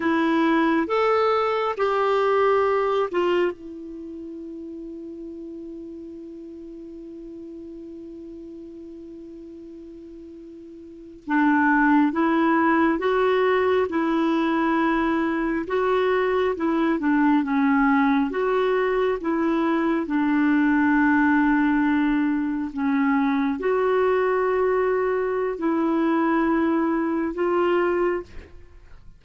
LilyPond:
\new Staff \with { instrumentName = "clarinet" } { \time 4/4 \tempo 4 = 68 e'4 a'4 g'4. f'8 | e'1~ | e'1~ | e'8. d'4 e'4 fis'4 e'16~ |
e'4.~ e'16 fis'4 e'8 d'8 cis'16~ | cis'8. fis'4 e'4 d'4~ d'16~ | d'4.~ d'16 cis'4 fis'4~ fis'16~ | fis'4 e'2 f'4 | }